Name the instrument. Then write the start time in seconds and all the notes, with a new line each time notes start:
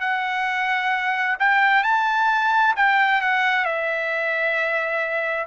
trumpet
0.00 F#5
1.39 G5
1.83 A5
2.76 G5
3.21 F#5
3.65 E5